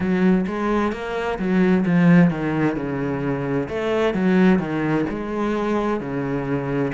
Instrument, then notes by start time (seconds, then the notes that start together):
cello
0.00 F#3
0.47 G#3
0.92 A#3
1.38 F#3
1.85 F3
2.30 D#3
2.76 C#3
3.68 A3
4.14 F#3
4.59 D#3
5.09 G#3
6.00 C#3